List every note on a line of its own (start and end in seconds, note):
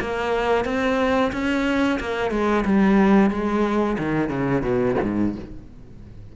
0.00 0.65 A#3
0.65 1.32 C4
1.32 1.99 C#4
2.00 2.31 A#3
2.31 2.64 G#3
2.65 3.30 G3
3.30 3.97 G#3
3.98 4.29 D#3
4.29 4.62 C#3
4.62 4.95 B2
5.02 5.35 G#2